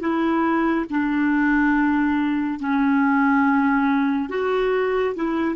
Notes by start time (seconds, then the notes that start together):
0.00 E4
0.90 D4
2.59 C#4
4.29 F#4
5.15 E4